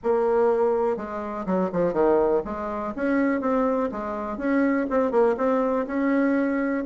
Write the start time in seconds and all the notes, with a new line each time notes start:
0.03 A#3
0.96 G#3
1.45 F#3
1.72 F3
1.93 D#3
2.44 G#3
2.95 C#4
3.40 C4
3.91 G#3
4.37 C#4
4.90 C4
5.11 A#3
5.37 C4
5.87 C#4